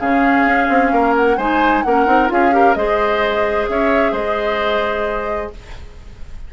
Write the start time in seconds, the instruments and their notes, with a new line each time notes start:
0.00 bassoon C#3, clarinet C#4, oboe G#4, flute F5
0.45 bassoon C#4
0.69 bassoon C4
0.92 bassoon A#3, oboe A#4
1.16 flute F#5
1.38 bassoon G#3, clarinet D#4, oboe C5, flute G#5
1.83 bassoon A#3, clarinet C#4, oboe A#4, flute F#5
2.07 bassoon C4, clarinet D#4
2.28 bassoon C#4, clarinet F4, oboe G#4, flute F5
2.52 clarinet G4, oboe A#4
2.75 bassoon G#3, clarinet G#4, oboe C5, flute D#5
3.69 bassoon C#4, oboe C#5, flute E5
4.12 bassoon G#3, oboe C5, flute D#5